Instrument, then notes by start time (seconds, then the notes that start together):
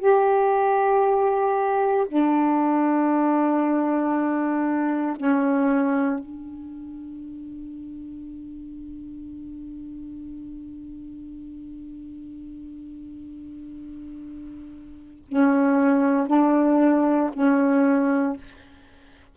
saxophone
0.00 G4
2.09 D4
5.17 C#4
6.20 D4
15.29 C#4
16.27 D4
17.34 C#4